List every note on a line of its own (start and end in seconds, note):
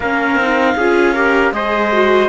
0.00 0.35 A#3
0.00 0.40 C#4
0.00 0.76 A#4
0.00 1.53 F5
0.35 0.74 C4
0.35 0.79 D#4
0.76 1.52 C#4
0.76 1.15 F4
0.76 1.13 G#4
1.13 1.53 G4
1.13 1.51 A#4
1.52 2.28 G#3
1.52 1.92 G#4
1.52 2.28 C5
1.52 2.28 D#5
1.92 2.28 F#4